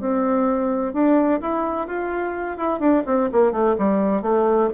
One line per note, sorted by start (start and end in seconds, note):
0.00 0.93 C4
0.93 1.40 D4
1.41 1.87 E4
1.87 2.57 F4
2.57 2.80 E4
2.80 3.03 D4
3.06 3.30 C4
3.32 3.52 A#3
3.52 3.76 A3
3.78 4.22 G3
4.22 4.69 A3